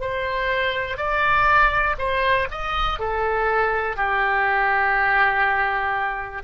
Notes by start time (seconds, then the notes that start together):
0.00 C5
0.97 D5
1.98 C5
2.51 D#5
2.99 A4
3.96 G4